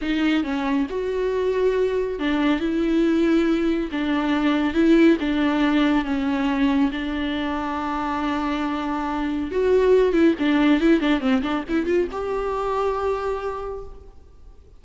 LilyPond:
\new Staff \with { instrumentName = "viola" } { \time 4/4 \tempo 4 = 139 dis'4 cis'4 fis'2~ | fis'4 d'4 e'2~ | e'4 d'2 e'4 | d'2 cis'2 |
d'1~ | d'2 fis'4. e'8 | d'4 e'8 d'8 c'8 d'8 e'8 f'8 | g'1 | }